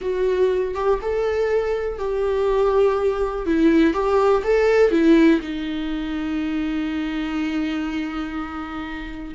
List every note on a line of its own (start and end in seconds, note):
0.01 0.74 F#4
0.74 0.99 G4
1.01 1.98 A4
1.98 3.46 G4
3.46 3.93 E4
3.93 4.43 G4
4.43 4.91 A4
4.91 5.40 E4
5.41 9.34 D#4